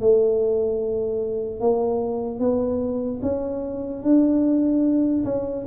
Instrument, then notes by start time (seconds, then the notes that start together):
tuba
0.00 A3
1.60 A#3
2.39 B3
3.22 C#4
4.02 D4
5.24 C#4